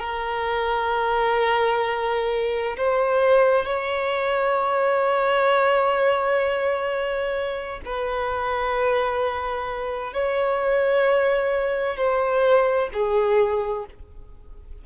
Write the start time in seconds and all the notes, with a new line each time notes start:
0.00 A#4
2.78 C5
3.65 C#5
7.86 B4
10.14 C#5
11.97 C5
12.94 G#4